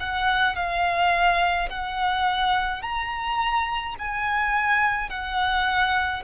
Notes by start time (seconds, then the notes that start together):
0.00 F#5
0.56 F5
1.69 F#5
2.82 A#5
3.98 G#5
5.09 F#5